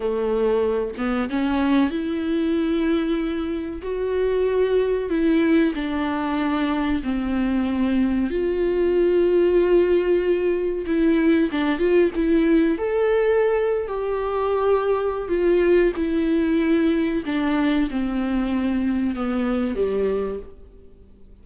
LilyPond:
\new Staff \with { instrumentName = "viola" } { \time 4/4 \tempo 4 = 94 a4. b8 cis'4 e'4~ | e'2 fis'2 | e'4 d'2 c'4~ | c'4 f'2.~ |
f'4 e'4 d'8 f'8 e'4 | a'4.~ a'16 g'2~ g'16 | f'4 e'2 d'4 | c'2 b4 g4 | }